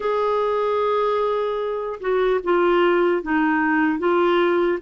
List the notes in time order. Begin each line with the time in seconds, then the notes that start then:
0.00 G#4
2.00 F#4
2.43 F4
3.22 D#4
3.98 F4